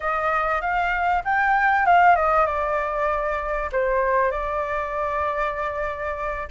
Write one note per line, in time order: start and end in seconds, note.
0.00 0.61 D#5
0.61 1.23 F5
1.24 1.86 G5
1.86 2.15 F5
2.15 2.46 D#5
2.46 3.69 D5
3.71 4.31 C5
4.31 6.48 D5